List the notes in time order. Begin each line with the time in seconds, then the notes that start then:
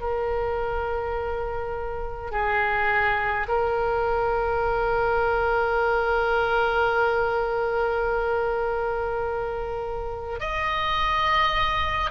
0.00 A#4
2.31 G#4
3.48 A#4
10.40 D#5